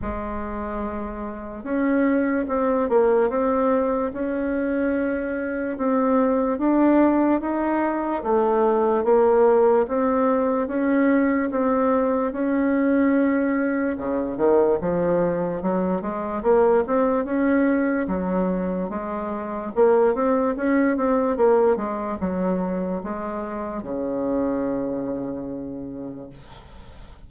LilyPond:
\new Staff \with { instrumentName = "bassoon" } { \time 4/4 \tempo 4 = 73 gis2 cis'4 c'8 ais8 | c'4 cis'2 c'4 | d'4 dis'4 a4 ais4 | c'4 cis'4 c'4 cis'4~ |
cis'4 cis8 dis8 f4 fis8 gis8 | ais8 c'8 cis'4 fis4 gis4 | ais8 c'8 cis'8 c'8 ais8 gis8 fis4 | gis4 cis2. | }